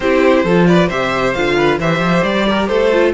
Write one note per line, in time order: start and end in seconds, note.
0.00 0.43 C4
0.00 0.46 E4
0.00 0.44 G4
0.00 0.67 C5
0.43 0.88 F3
0.43 0.91 F4
0.43 0.66 A4
0.67 0.87 B4
0.67 0.89 D5
0.87 1.35 C3
0.87 1.35 G4
0.87 1.55 C5
0.87 1.33 E5
1.33 1.79 D3
1.33 1.80 F4
1.33 1.78 F5
1.56 1.79 B4
1.79 1.98 E3
1.79 2.92 G4
1.79 2.47 C5
1.79 2.23 E5
1.98 2.21 F3
2.23 2.68 G3
2.23 2.67 D5
2.49 2.67 A#4
2.67 3.13 A3
2.67 3.12 A4
2.67 3.11 C5
2.92 3.13 F4